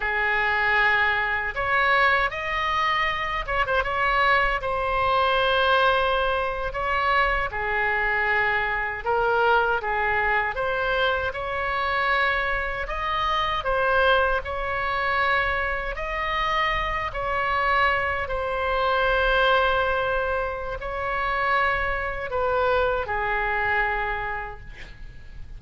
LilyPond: \new Staff \with { instrumentName = "oboe" } { \time 4/4 \tempo 4 = 78 gis'2 cis''4 dis''4~ | dis''8 cis''16 c''16 cis''4 c''2~ | c''8. cis''4 gis'2 ais'16~ | ais'8. gis'4 c''4 cis''4~ cis''16~ |
cis''8. dis''4 c''4 cis''4~ cis''16~ | cis''8. dis''4. cis''4. c''16~ | c''2. cis''4~ | cis''4 b'4 gis'2 | }